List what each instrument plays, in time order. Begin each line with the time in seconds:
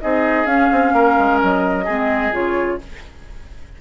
0.00 bassoon C4, clarinet D#4, oboe G#4, flute D#5
0.45 bassoon C#4, clarinet C#4, flute F5
0.72 bassoon C4
0.92 bassoon A#3, oboe A#4
1.18 bassoon G#3
1.42 bassoon F#3, flute D#5
1.84 bassoon G#3, clarinet C4, oboe G#4
2.31 bassoon C#3, clarinet F4, flute C#5